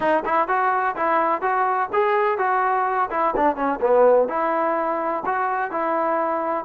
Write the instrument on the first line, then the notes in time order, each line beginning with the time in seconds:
trombone
0.00 D#4
0.25 E4
0.48 F#4
0.95 E4
1.41 F#4
1.92 G#4
2.38 F#4
3.10 E4
3.36 D4
3.55 C#4
3.80 B3
4.28 E4
5.25 F#4
5.71 E4